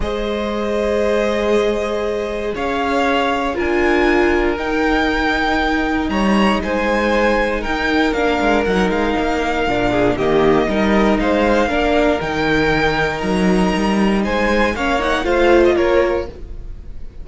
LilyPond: <<
  \new Staff \with { instrumentName = "violin" } { \time 4/4 \tempo 4 = 118 dis''1~ | dis''4 f''2 gis''4~ | gis''4 g''2. | ais''4 gis''2 g''4 |
f''4 fis''8 f''2~ f''8 | dis''2 f''2 | g''2 ais''2 | gis''4 f''8 fis''8 f''8. dis''16 cis''4 | }
  \new Staff \with { instrumentName = "violin" } { \time 4/4 c''1~ | c''4 cis''2 ais'4~ | ais'1 | cis''4 c''2 ais'4~ |
ais'2.~ ais'8 gis'8 | g'4 ais'4 c''4 ais'4~ | ais'1 | c''4 cis''4 c''4 ais'4 | }
  \new Staff \with { instrumentName = "viola" } { \time 4/4 gis'1~ | gis'2. f'4~ | f'4 dis'2.~ | dis'1 |
d'4 dis'2 d'4 | ais4 dis'2 d'4 | dis'1~ | dis'4 cis'8 dis'8 f'2 | }
  \new Staff \with { instrumentName = "cello" } { \time 4/4 gis1~ | gis4 cis'2 d'4~ | d'4 dis'2. | g4 gis2 dis'4 |
ais8 gis8 fis8 gis8 ais4 ais,4 | dis4 g4 gis4 ais4 | dis2 fis4 g4 | gis4 ais4 a4 ais4 | }
>>